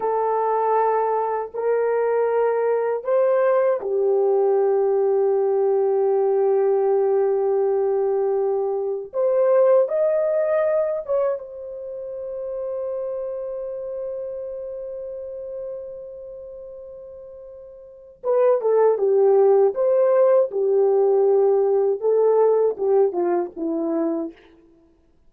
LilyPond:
\new Staff \with { instrumentName = "horn" } { \time 4/4 \tempo 4 = 79 a'2 ais'2 | c''4 g'2.~ | g'1 | c''4 dis''4. cis''8 c''4~ |
c''1~ | c''1 | b'8 a'8 g'4 c''4 g'4~ | g'4 a'4 g'8 f'8 e'4 | }